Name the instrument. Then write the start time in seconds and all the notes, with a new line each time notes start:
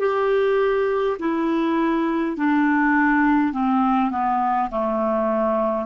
clarinet
0.00 G4
1.20 E4
2.37 D4
3.53 C4
4.11 B3
4.71 A3